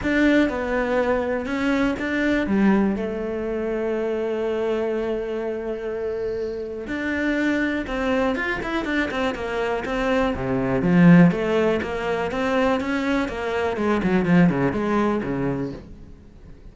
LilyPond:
\new Staff \with { instrumentName = "cello" } { \time 4/4 \tempo 4 = 122 d'4 b2 cis'4 | d'4 g4 a2~ | a1~ | a2 d'2 |
c'4 f'8 e'8 d'8 c'8 ais4 | c'4 c4 f4 a4 | ais4 c'4 cis'4 ais4 | gis8 fis8 f8 cis8 gis4 cis4 | }